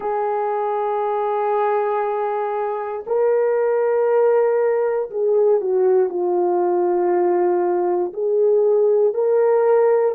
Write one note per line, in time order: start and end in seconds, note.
0.00 3.04 G#4
3.06 5.10 A#4
5.10 5.60 G#4
5.60 6.09 F#4
6.09 8.12 F4
8.13 9.13 G#4
9.13 10.15 A#4